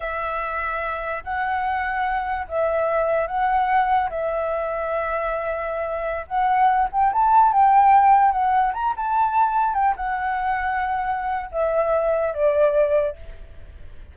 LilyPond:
\new Staff \with { instrumentName = "flute" } { \time 4/4 \tempo 4 = 146 e''2. fis''4~ | fis''2 e''2 | fis''2 e''2~ | e''2.~ e''16 fis''8.~ |
fis''8. g''8 a''4 g''4.~ g''16~ | g''16 fis''4 ais''8 a''2 g''16~ | g''16 fis''2.~ fis''8. | e''2 d''2 | }